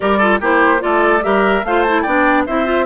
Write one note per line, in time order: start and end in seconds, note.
0.00 0.40 G3
0.00 0.19 G4
0.00 0.18 A#4
0.00 0.40 D5
0.18 0.41 F4
0.18 0.39 A4
0.40 0.81 A#3
0.40 0.79 E4
0.40 0.81 G4
0.40 0.82 C5
0.79 1.25 A3
0.79 1.20 F4
0.79 1.24 A4
0.79 1.23 D5
1.22 1.63 G3
1.22 1.63 G4
1.22 1.65 A#4
1.22 1.64 E5
1.63 2.04 A3
1.63 1.87 F4
1.63 2.02 C5
1.63 1.83 F5
1.83 2.06 E4
1.83 2.02 A5
2.02 2.47 B3
2.02 2.47 D4
2.02 2.43 D5
2.02 2.43 G5
2.46 2.86 C4
2.46 2.64 E4
2.46 2.86 C5
2.46 2.86 E5
2.64 2.85 F4